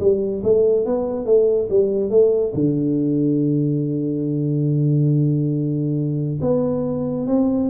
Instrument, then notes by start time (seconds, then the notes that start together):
tuba
0.00 G3
0.43 A3
0.85 B3
1.25 A3
1.69 G3
2.10 A3
2.54 D3
6.41 B3
7.27 C4